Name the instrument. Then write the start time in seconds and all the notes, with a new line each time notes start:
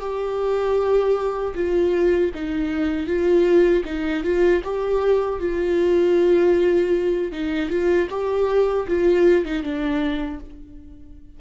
viola
0.00 G4
1.55 F4
2.34 D#4
3.07 F4
3.85 D#4
4.24 F4
4.64 G4
5.40 F4
7.32 D#4
7.69 F4
8.10 G4
8.88 F4
9.45 D#4
9.63 D4